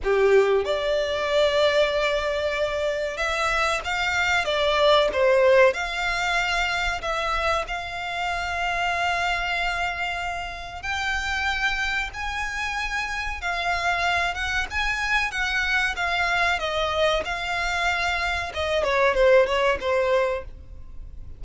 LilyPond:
\new Staff \with { instrumentName = "violin" } { \time 4/4 \tempo 4 = 94 g'4 d''2.~ | d''4 e''4 f''4 d''4 | c''4 f''2 e''4 | f''1~ |
f''4 g''2 gis''4~ | gis''4 f''4. fis''8 gis''4 | fis''4 f''4 dis''4 f''4~ | f''4 dis''8 cis''8 c''8 cis''8 c''4 | }